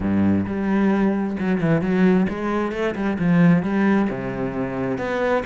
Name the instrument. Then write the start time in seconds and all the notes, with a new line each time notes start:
cello
0.00 G2
0.45 G3
1.39 F#3
1.60 E3
1.81 F#3
2.29 G#3
2.71 A3
2.95 G3
3.19 F3
3.63 G3
4.10 C3
4.98 B3